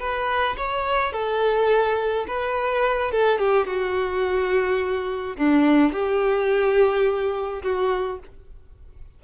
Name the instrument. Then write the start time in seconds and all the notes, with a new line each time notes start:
violin
0.00 B4
0.57 C#5
1.13 A4
2.27 B4
3.12 A4
3.39 G4
3.67 F#4
5.37 D4
5.93 G4
7.63 F#4